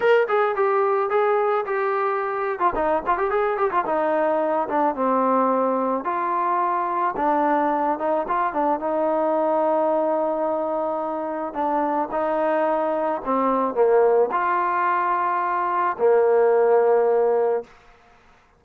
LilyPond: \new Staff \with { instrumentName = "trombone" } { \time 4/4 \tempo 4 = 109 ais'8 gis'8 g'4 gis'4 g'4~ | g'8. f'16 dis'8 f'16 g'16 gis'8 g'16 f'16 dis'4~ | dis'8 d'8 c'2 f'4~ | f'4 d'4. dis'8 f'8 d'8 |
dis'1~ | dis'4 d'4 dis'2 | c'4 ais4 f'2~ | f'4 ais2. | }